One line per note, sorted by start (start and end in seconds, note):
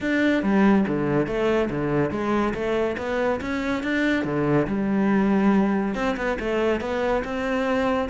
0.00 0.42 D4
0.42 0.85 G3
0.87 1.26 D3
1.26 1.69 A3
1.70 2.11 D3
2.11 2.53 G#3
2.53 2.96 A3
2.97 3.40 B3
3.40 3.83 C#4
3.83 4.24 D4
4.24 4.66 D3
4.67 5.94 G3
5.94 6.16 C4
6.16 6.38 B3
6.39 6.80 A3
6.80 7.23 B3
7.24 8.09 C4